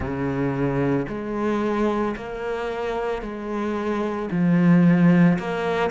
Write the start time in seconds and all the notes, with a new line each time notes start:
0.00 C#3
1.08 G#3
2.16 A#3
3.21 G#3
4.31 F3
5.39 A#3